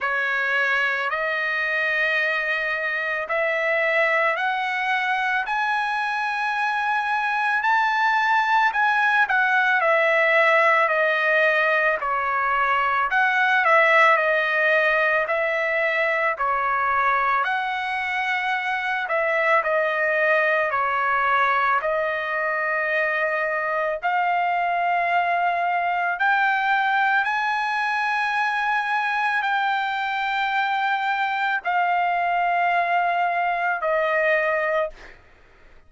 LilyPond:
\new Staff \with { instrumentName = "trumpet" } { \time 4/4 \tempo 4 = 55 cis''4 dis''2 e''4 | fis''4 gis''2 a''4 | gis''8 fis''8 e''4 dis''4 cis''4 | fis''8 e''8 dis''4 e''4 cis''4 |
fis''4. e''8 dis''4 cis''4 | dis''2 f''2 | g''4 gis''2 g''4~ | g''4 f''2 dis''4 | }